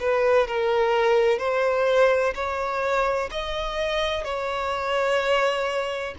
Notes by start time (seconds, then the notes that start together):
0.00 B4
0.48 A#4
1.39 C5
2.35 C#5
3.31 D#5
4.24 C#5